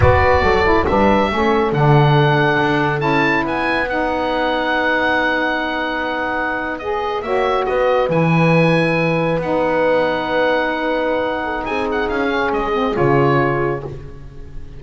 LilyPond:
<<
  \new Staff \with { instrumentName = "oboe" } { \time 4/4 \tempo 4 = 139 d''2 e''2 | fis''2. a''4 | gis''4 fis''2.~ | fis''2.~ fis''8. dis''16~ |
dis''8. e''4 dis''4 gis''4~ gis''16~ | gis''4.~ gis''16 fis''2~ fis''16~ | fis''2. gis''8 fis''8 | f''4 dis''4 cis''2 | }
  \new Staff \with { instrumentName = "horn" } { \time 4/4 b'4 a'4 b'4 a'4~ | a'1 | b'1~ | b'1~ |
b'8. cis''4 b'2~ b'16~ | b'1~ | b'2~ b'8 a'8 gis'4~ | gis'1 | }
  \new Staff \with { instrumentName = "saxophone" } { \time 4/4 fis'4. e'8 d'4 cis'4 | d'2. e'4~ | e'4 dis'2.~ | dis'2.~ dis'8. gis'16~ |
gis'8. fis'2 e'4~ e'16~ | e'4.~ e'16 dis'2~ dis'16~ | dis'1~ | dis'8 cis'4 c'8 f'2 | }
  \new Staff \with { instrumentName = "double bass" } { \time 4/4 b4 fis4 g4 a4 | d2 d'4 cis'4 | b1~ | b1~ |
b8. ais4 b4 e4~ e16~ | e4.~ e16 b2~ b16~ | b2. c'4 | cis'4 gis4 cis2 | }
>>